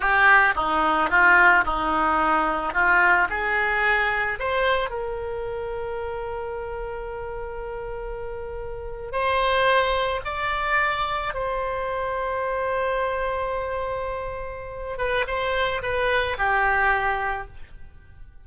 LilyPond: \new Staff \with { instrumentName = "oboe" } { \time 4/4 \tempo 4 = 110 g'4 dis'4 f'4 dis'4~ | dis'4 f'4 gis'2 | c''4 ais'2.~ | ais'1~ |
ais'8. c''2 d''4~ d''16~ | d''8. c''2.~ c''16~ | c''2.~ c''8 b'8 | c''4 b'4 g'2 | }